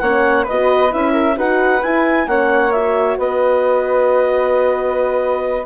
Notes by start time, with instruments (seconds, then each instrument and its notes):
0.00 bassoon A#3, horn C#4, flute C#5, clarinet F#5
0.44 flute B4, clarinet D#5
0.51 bassoon B3, horn F#4
0.91 bassoon C#4, horn E4, clarinet E5
1.13 flute A#4
1.37 bassoon D#4, horn F#4, flute B4, clarinet F#5
1.83 bassoon E4, horn E4, clarinet G#5
2.27 bassoon A#3, horn C#4, flute C#5, clarinet F#5
2.72 horn F#4, clarinet E5
3.18 bassoon B3, flute B4, clarinet D#5